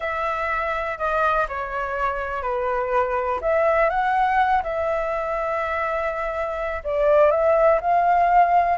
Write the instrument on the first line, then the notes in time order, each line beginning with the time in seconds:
flute
0.00 E5
0.98 D#5
1.48 C#5
2.42 B4
3.41 E5
3.89 F#5
4.63 E5
6.83 D5
7.30 E5
7.80 F5